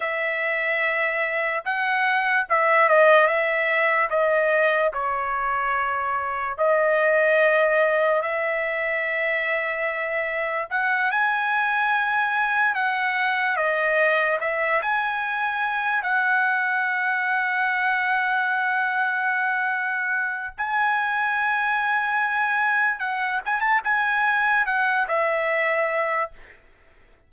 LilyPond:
\new Staff \with { instrumentName = "trumpet" } { \time 4/4 \tempo 4 = 73 e''2 fis''4 e''8 dis''8 | e''4 dis''4 cis''2 | dis''2 e''2~ | e''4 fis''8 gis''2 fis''8~ |
fis''8 dis''4 e''8 gis''4. fis''8~ | fis''1~ | fis''4 gis''2. | fis''8 gis''16 a''16 gis''4 fis''8 e''4. | }